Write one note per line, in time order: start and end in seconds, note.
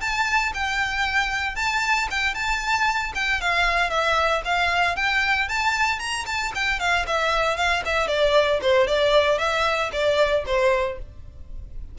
0.00 0.52 A5
0.54 1.55 G5
1.55 2.08 A5
2.10 2.34 G5
2.34 3.12 A5
3.14 3.41 G5
3.41 3.90 F5
3.90 4.42 E5
4.45 4.96 F5
4.96 5.48 G5
5.48 5.99 A5
5.99 6.25 A#5
6.26 6.52 A5
6.55 6.79 G5
6.79 7.06 F5
7.07 7.57 E5
7.57 7.83 F5
7.85 8.07 E5
8.07 8.59 D5
8.61 8.87 C5
8.87 9.38 D5
9.38 9.90 E5
9.92 10.44 D5
10.46 10.98 C5